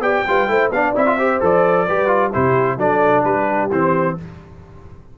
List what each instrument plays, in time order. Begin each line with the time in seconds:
0.00 tuba B3, trombone G4, horn D5, trumpet G5
0.28 tuba G3, trombone F4, horn B4
0.48 tuba A3, trombone E4, horn C5
0.71 tuba B3, trombone D4, horn D5, trumpet F5
0.96 tuba C4, trombone E4, trumpet E5
1.07 trombone F4
1.19 trombone G4, horn C5
1.41 tuba F3, trombone A4, trumpet D5
1.86 tuba G3, trombone G4, horn B4
2.07 trombone F4
2.32 tuba C3, trombone E4, horn G4, trumpet C5
2.78 tuba F#3, trombone D4, horn A4, trumpet D5
3.24 tuba G3, horn G4, trumpet B4
3.71 tuba E3, trombone C4, trumpet C5